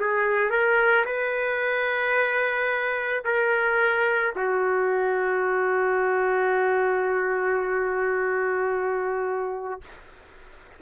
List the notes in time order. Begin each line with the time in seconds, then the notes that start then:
0.00 G#4
0.51 A#4
1.06 B4
3.25 A#4
4.36 F#4